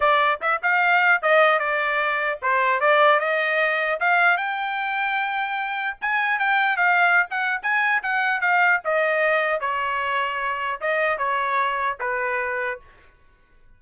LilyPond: \new Staff \with { instrumentName = "trumpet" } { \time 4/4 \tempo 4 = 150 d''4 e''8 f''4. dis''4 | d''2 c''4 d''4 | dis''2 f''4 g''4~ | g''2. gis''4 |
g''4 f''4~ f''16 fis''8. gis''4 | fis''4 f''4 dis''2 | cis''2. dis''4 | cis''2 b'2 | }